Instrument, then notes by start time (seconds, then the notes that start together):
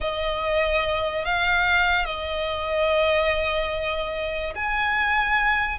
violin
0.00 D#5
1.24 F5
2.05 D#5
4.55 G#5